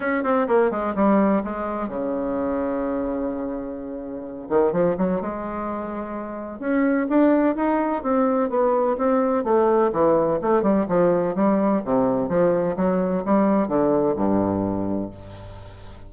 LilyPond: \new Staff \with { instrumentName = "bassoon" } { \time 4/4 \tempo 4 = 127 cis'8 c'8 ais8 gis8 g4 gis4 | cis1~ | cis4. dis8 f8 fis8 gis4~ | gis2 cis'4 d'4 |
dis'4 c'4 b4 c'4 | a4 e4 a8 g8 f4 | g4 c4 f4 fis4 | g4 d4 g,2 | }